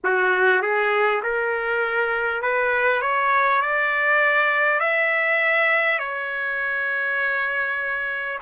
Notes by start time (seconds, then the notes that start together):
0.04 F#4
0.62 G#4
1.22 A#4
2.42 B4
3.01 C#5
3.61 D5
4.79 E5
5.98 C#5